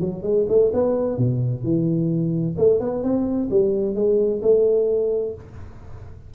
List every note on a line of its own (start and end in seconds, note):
0.00 0.23 F#3
0.23 0.46 G#3
0.48 0.72 A3
0.73 1.17 B3
1.17 1.63 B2
1.63 2.56 E3
2.57 2.80 A3
2.80 3.03 B3
3.03 3.49 C4
3.50 3.95 G3
3.95 4.41 G#3
4.42 5.34 A3